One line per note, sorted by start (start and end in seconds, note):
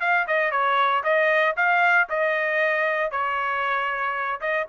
0.00 0.26 F5
0.27 0.51 D#5
0.51 1.03 C#5
1.03 1.55 D#5
1.56 2.08 F5
2.09 3.11 D#5
3.11 4.40 C#5
4.41 4.66 D#5